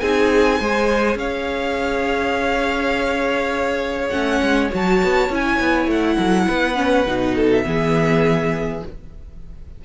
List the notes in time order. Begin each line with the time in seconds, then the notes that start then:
0.00 C4 D#4 G#4 G#5
0.60 G#3 G#4 C5
1.16 C#4 C#5 F5
4.09 A3 C#4 F#5
4.42 G#3
4.71 F#3 F#4 A5
5.04 B3
5.30 C#4 E4 G#5
5.60 B3
5.87 A3 F#5
6.17 F#3 A4
6.48 B3 B4
6.76 C#4
7.07 B2 D#4
7.36 A4
7.52 E5
7.65 E3 B3 G#4